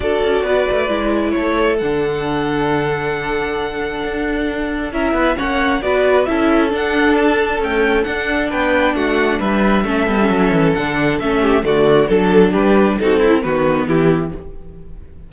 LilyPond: <<
  \new Staff \with { instrumentName = "violin" } { \time 4/4 \tempo 4 = 134 d''2. cis''4 | fis''1~ | fis''2. e''4 | fis''4 d''4 e''4 fis''4 |
a''4 g''4 fis''4 g''4 | fis''4 e''2. | fis''4 e''4 d''4 a'4 | b'4 a'4 b'4 g'4 | }
  \new Staff \with { instrumentName = "violin" } { \time 4/4 a'4 b'2 a'4~ | a'1~ | a'2. ais'8 b'8 | cis''4 b'4 a'2~ |
a'2. b'4 | fis'4 b'4 a'2~ | a'4. g'8 fis'4 a'4 | g'4 fis'8 e'8 fis'4 e'4 | }
  \new Staff \with { instrumentName = "viola" } { \time 4/4 fis'2 e'2 | d'1~ | d'2. e'4 | cis'4 fis'4 e'4 d'4~ |
d'4 a4 d'2~ | d'2 cis'8 b16 cis'4~ cis'16 | d'4 cis'4 a4 d'4~ | d'4 dis'8 e'8 b2 | }
  \new Staff \with { instrumentName = "cello" } { \time 4/4 d'8 cis'8 b8 a8 gis4 a4 | d1~ | d4 d'2 cis'8 b8 | ais4 b4 cis'4 d'4~ |
d'4 cis'4 d'4 b4 | a4 g4 a8 g8 fis8 e8 | d4 a4 d4 fis4 | g4 c'4 dis4 e4 | }
>>